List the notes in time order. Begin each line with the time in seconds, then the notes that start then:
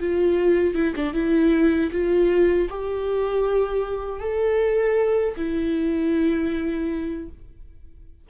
0.00 F4
0.75 E4
0.96 D4
1.14 E4
1.92 F4
2.70 G4
4.20 A4
5.37 E4